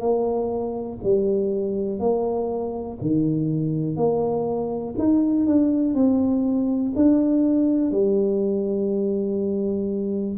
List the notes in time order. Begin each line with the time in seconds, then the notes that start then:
0.00 A#3
1.03 G3
1.99 A#3
3.01 D#3
3.97 A#3
4.98 D#4
5.46 D4
5.95 C4
6.96 D4
7.91 G3